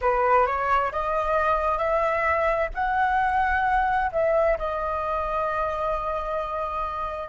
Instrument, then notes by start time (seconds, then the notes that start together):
flute
0.01 B4
0.46 C#5
0.92 D#5
1.77 E5
2.74 F#5
4.12 E5
4.58 D#5